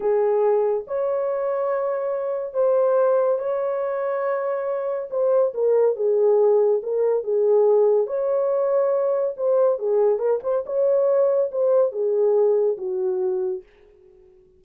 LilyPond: \new Staff \with { instrumentName = "horn" } { \time 4/4 \tempo 4 = 141 gis'2 cis''2~ | cis''2 c''2 | cis''1 | c''4 ais'4 gis'2 |
ais'4 gis'2 cis''4~ | cis''2 c''4 gis'4 | ais'8 c''8 cis''2 c''4 | gis'2 fis'2 | }